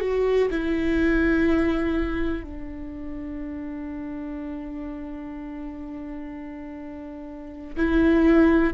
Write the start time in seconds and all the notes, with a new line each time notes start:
0.00 F#4
0.51 E4
2.43 D4
7.76 E4